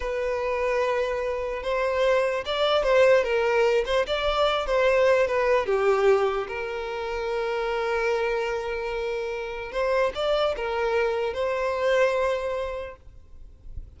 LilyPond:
\new Staff \with { instrumentName = "violin" } { \time 4/4 \tempo 4 = 148 b'1 | c''2 d''4 c''4 | ais'4. c''8 d''4. c''8~ | c''4 b'4 g'2 |
ais'1~ | ais'1 | c''4 d''4 ais'2 | c''1 | }